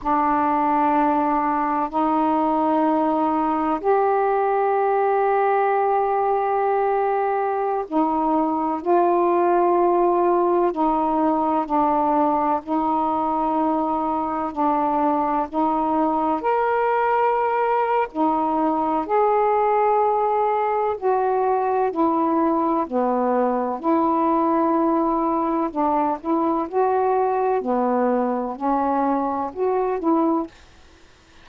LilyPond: \new Staff \with { instrumentName = "saxophone" } { \time 4/4 \tempo 4 = 63 d'2 dis'2 | g'1~ | g'16 dis'4 f'2 dis'8.~ | dis'16 d'4 dis'2 d'8.~ |
d'16 dis'4 ais'4.~ ais'16 dis'4 | gis'2 fis'4 e'4 | b4 e'2 d'8 e'8 | fis'4 b4 cis'4 fis'8 e'8 | }